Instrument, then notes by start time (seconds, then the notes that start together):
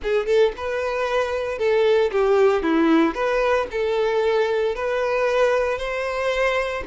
violin
0.02 G#4
0.26 A4
0.56 B4
1.58 A4
2.11 G4
2.62 E4
3.14 B4
3.71 A4
4.75 B4
5.78 C5